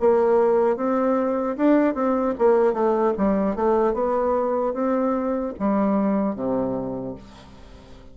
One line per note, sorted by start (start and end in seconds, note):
0.00 0.76 A#3
0.76 1.56 C4
1.57 1.95 D4
1.95 2.34 C4
2.38 2.73 A#3
2.73 3.13 A3
3.17 3.56 G3
3.56 3.94 A3
3.94 4.73 B3
4.73 5.53 C4
5.59 6.35 G3
6.35 7.15 C3